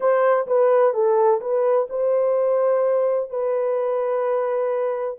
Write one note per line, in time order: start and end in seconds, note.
0.00 0.46 C5
0.46 0.93 B4
0.93 1.40 A4
1.40 1.87 B4
1.89 3.30 C5
3.30 5.17 B4